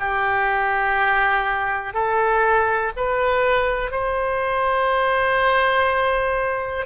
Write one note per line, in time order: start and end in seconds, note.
0.00 1.94 G4
1.94 2.92 A4
2.97 3.92 B4
3.92 6.86 C5